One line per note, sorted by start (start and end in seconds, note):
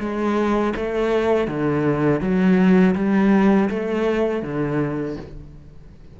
0.00 0.74 G#3
0.77 1.48 A3
1.48 2.21 D3
2.21 2.95 F#3
2.96 3.70 G3
3.70 4.43 A3
4.43 5.17 D3